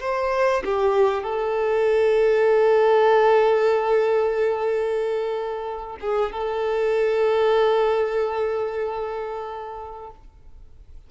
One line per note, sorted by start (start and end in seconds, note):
0.00 0.63 C5
0.65 1.24 G4
1.24 5.97 A4
6.01 6.32 G#4
6.32 10.11 A4